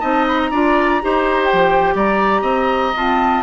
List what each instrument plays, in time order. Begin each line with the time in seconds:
0.00 bassoon C4, clarinet D#4, oboe D#5, flute A5
0.28 flute B5
0.40 flute A#5
0.51 bassoon D4, clarinet F4, oboe D5
1.02 bassoon D#4, clarinet G4, oboe C5
1.44 flute G5
1.53 bassoon F3
1.95 bassoon G3, oboe D5, flute A#5
2.42 bassoon C4, oboe D#5
2.96 clarinet C4, bassoon F4, flute A5